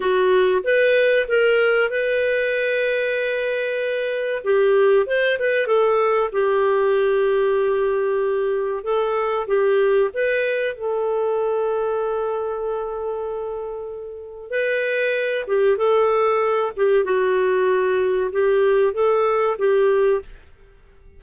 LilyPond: \new Staff \with { instrumentName = "clarinet" } { \time 4/4 \tempo 4 = 95 fis'4 b'4 ais'4 b'4~ | b'2. g'4 | c''8 b'8 a'4 g'2~ | g'2 a'4 g'4 |
b'4 a'2.~ | a'2. b'4~ | b'8 g'8 a'4. g'8 fis'4~ | fis'4 g'4 a'4 g'4 | }